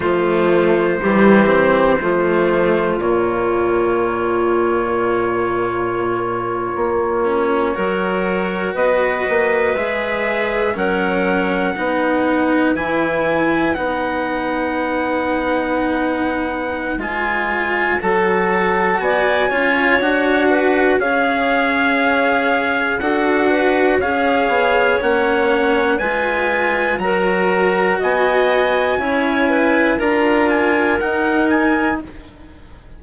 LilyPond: <<
  \new Staff \with { instrumentName = "trumpet" } { \time 4/4 \tempo 4 = 60 c''2. cis''4~ | cis''1~ | cis''8. dis''4 e''4 fis''4~ fis''16~ | fis''8. gis''4 fis''2~ fis''16~ |
fis''4 gis''4 a''4 gis''4 | fis''4 f''2 fis''4 | f''4 fis''4 gis''4 ais''4 | gis''2 ais''8 gis''8 fis''8 gis''8 | }
  \new Staff \with { instrumentName = "clarinet" } { \time 4/4 f'4 g'4 f'2~ | f'2.~ f'8. ais'16~ | ais'8. b'2 ais'4 b'16~ | b'1~ |
b'2 a'4 d''8 cis''8~ | cis''8 b'8 cis''2 a'8 b'8 | cis''2 b'4 ais'4 | dis''4 cis''8 b'8 ais'2 | }
  \new Staff \with { instrumentName = "cello" } { \time 4/4 a4 g8 c'8 a4 ais4~ | ais2.~ ais16 cis'8 fis'16~ | fis'4.~ fis'16 gis'4 cis'4 dis'16~ | dis'8. e'4 dis'2~ dis'16~ |
dis'4 f'4 fis'4. f'8 | fis'4 gis'2 fis'4 | gis'4 cis'4 f'4 fis'4~ | fis'4 e'4 f'4 dis'4 | }
  \new Staff \with { instrumentName = "bassoon" } { \time 4/4 f4 e4 f4 ais,4~ | ais,2~ ais,8. ais4 fis16~ | fis8. b8 ais8 gis4 fis4 b16~ | b8. e4 b2~ b16~ |
b4 gis4 fis4 b8 cis'8 | d'4 cis'2 d'4 | cis'8 b8 ais4 gis4 fis4 | b4 cis'4 d'4 dis'4 | }
>>